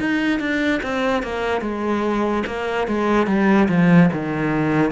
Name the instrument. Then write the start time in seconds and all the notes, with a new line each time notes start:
cello
0.00 D#4
0.40 D4
0.83 C4
1.23 A#3
1.62 G#3
2.47 A#3
2.88 G#3
3.27 G3
3.69 F3
4.13 D#3